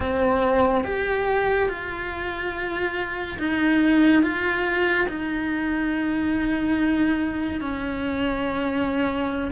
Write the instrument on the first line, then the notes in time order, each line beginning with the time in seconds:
cello
0.00 C4
0.84 G4
1.69 F4
3.38 D#4
4.23 F4
5.09 D#4
7.61 C#4